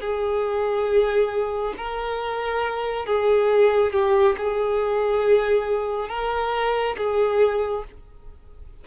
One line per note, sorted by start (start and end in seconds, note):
0.00 1.74 G#4
1.77 3.06 A#4
3.06 3.92 G#4
3.92 4.35 G4
4.37 6.09 G#4
6.09 6.96 A#4
6.97 7.84 G#4